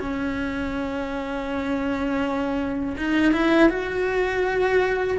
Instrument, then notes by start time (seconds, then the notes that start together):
cello
0.00 C#4
2.98 D#4
3.33 E4
3.70 F#4